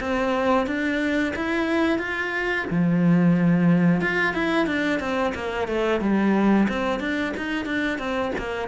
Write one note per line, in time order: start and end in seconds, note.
0.00 0.66 C4
0.66 1.33 D4
1.36 1.98 E4
1.98 2.65 F4
2.71 4.01 F3
4.01 4.34 F4
4.34 4.66 E4
4.66 5.00 D4
5.00 5.33 C4
5.34 5.68 A#3
5.68 6.01 A3
6.01 6.67 G3
6.68 7.00 C4
7.00 7.33 D4
7.37 7.65 D#4
7.65 7.98 D4
7.98 8.32 C4
8.38 8.68 A#3